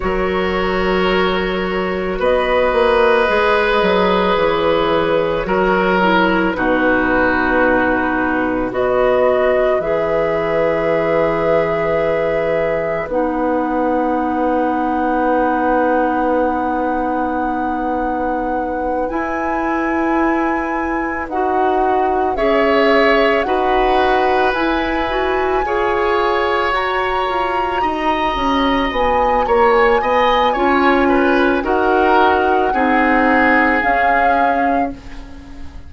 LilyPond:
<<
  \new Staff \with { instrumentName = "flute" } { \time 4/4 \tempo 4 = 55 cis''2 dis''2 | cis''2 b'2 | dis''4 e''2. | fis''1~ |
fis''4. gis''2 fis''8~ | fis''8 e''4 fis''4 gis''4.~ | gis''8 ais''2 gis''8 ais''16 gis''8.~ | gis''4 fis''2 f''4 | }
  \new Staff \with { instrumentName = "oboe" } { \time 4/4 ais'2 b'2~ | b'4 ais'4 fis'2 | b'1~ | b'1~ |
b'1~ | b'8 cis''4 b'2 cis''8~ | cis''4. dis''4. cis''8 dis''8 | cis''8 b'8 ais'4 gis'2 | }
  \new Staff \with { instrumentName = "clarinet" } { \time 4/4 fis'2. gis'4~ | gis'4 fis'8 e'8 dis'2 | fis'4 gis'2. | dis'1~ |
dis'4. e'2 fis'8~ | fis'8 gis'4 fis'4 e'8 fis'8 gis'8~ | gis'8 fis'2.~ fis'8 | f'4 fis'4 dis'4 cis'4 | }
  \new Staff \with { instrumentName = "bassoon" } { \time 4/4 fis2 b8 ais8 gis8 fis8 | e4 fis4 b,2 | b4 e2. | b1~ |
b4. e'2 dis'8~ | dis'8 cis'4 dis'4 e'4 f'8~ | f'8 fis'8 f'8 dis'8 cis'8 b8 ais8 b8 | cis'4 dis'4 c'4 cis'4 | }
>>